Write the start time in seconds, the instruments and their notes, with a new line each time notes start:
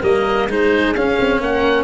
0.00 tuba G3, cello A#3, horn A#4, oboe D#5
0.49 tuba G#3, cello D#4, horn G#4, oboe C5
0.95 tuba C#4, cello C#4, oboe F5
1.20 tuba C4
1.40 tuba A#3, horn A#4, oboe F#5